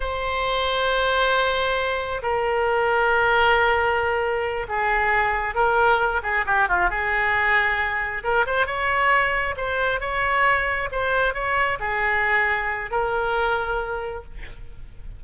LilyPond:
\new Staff \with { instrumentName = "oboe" } { \time 4/4 \tempo 4 = 135 c''1~ | c''4 ais'2.~ | ais'2~ ais'8 gis'4.~ | gis'8 ais'4. gis'8 g'8 f'8 gis'8~ |
gis'2~ gis'8 ais'8 c''8 cis''8~ | cis''4. c''4 cis''4.~ | cis''8 c''4 cis''4 gis'4.~ | gis'4 ais'2. | }